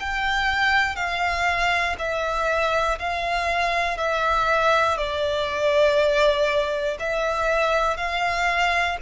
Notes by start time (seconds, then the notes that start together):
0.00 G5
0.96 F5
1.99 E5
3.00 F5
3.98 E5
4.98 D5
7.00 E5
7.97 F5